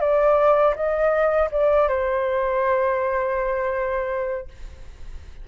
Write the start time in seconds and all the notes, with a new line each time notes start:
0.00 D5
0.75 D#5
1.51 D5
1.88 C5